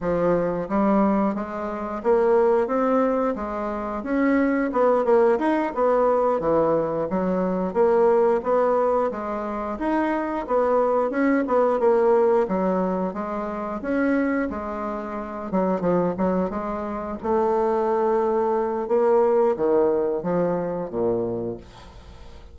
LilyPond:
\new Staff \with { instrumentName = "bassoon" } { \time 4/4 \tempo 4 = 89 f4 g4 gis4 ais4 | c'4 gis4 cis'4 b8 ais8 | dis'8 b4 e4 fis4 ais8~ | ais8 b4 gis4 dis'4 b8~ |
b8 cis'8 b8 ais4 fis4 gis8~ | gis8 cis'4 gis4. fis8 f8 | fis8 gis4 a2~ a8 | ais4 dis4 f4 ais,4 | }